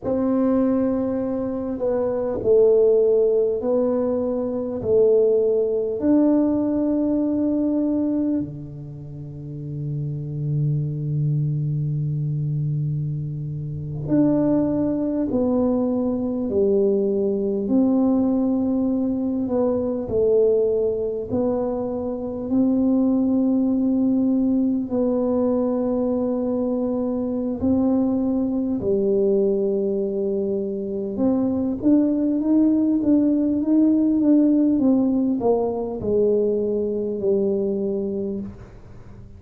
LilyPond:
\new Staff \with { instrumentName = "tuba" } { \time 4/4 \tempo 4 = 50 c'4. b8 a4 b4 | a4 d'2 d4~ | d2.~ d8. d'16~ | d'8. b4 g4 c'4~ c'16~ |
c'16 b8 a4 b4 c'4~ c'16~ | c'8. b2~ b16 c'4 | g2 c'8 d'8 dis'8 d'8 | dis'8 d'8 c'8 ais8 gis4 g4 | }